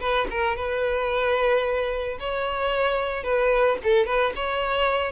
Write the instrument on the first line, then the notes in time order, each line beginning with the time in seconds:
violin
0.00 B4
0.30 A#4
0.56 B4
2.20 C#5
3.24 B4
3.83 A4
4.06 B4
4.35 C#5